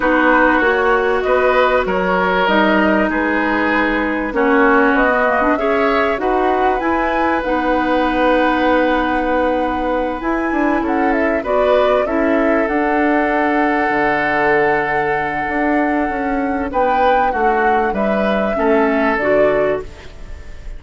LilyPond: <<
  \new Staff \with { instrumentName = "flute" } { \time 4/4 \tempo 4 = 97 b'4 cis''4 dis''4 cis''4 | dis''4 b'2 cis''4 | dis''4 e''4 fis''4 gis''4 | fis''1~ |
fis''8 gis''4 fis''8 e''8 d''4 e''8~ | e''8 fis''2.~ fis''8~ | fis''2. g''4 | fis''4 e''2 d''4 | }
  \new Staff \with { instrumentName = "oboe" } { \time 4/4 fis'2 b'4 ais'4~ | ais'4 gis'2 fis'4~ | fis'4 cis''4 b'2~ | b'1~ |
b'4. a'4 b'4 a'8~ | a'1~ | a'2. b'4 | fis'4 b'4 a'2 | }
  \new Staff \with { instrumentName = "clarinet" } { \time 4/4 dis'4 fis'2. | dis'2. cis'4~ | cis'16 b16 ais16 d'16 gis'4 fis'4 e'4 | dis'1~ |
dis'8 e'2 fis'4 e'8~ | e'8 d'2.~ d'8~ | d'1~ | d'2 cis'4 fis'4 | }
  \new Staff \with { instrumentName = "bassoon" } { \time 4/4 b4 ais4 b4 fis4 | g4 gis2 ais4 | b4 cis'4 dis'4 e'4 | b1~ |
b8 e'8 d'8 cis'4 b4 cis'8~ | cis'8 d'2 d4.~ | d4 d'4 cis'4 b4 | a4 g4 a4 d4 | }
>>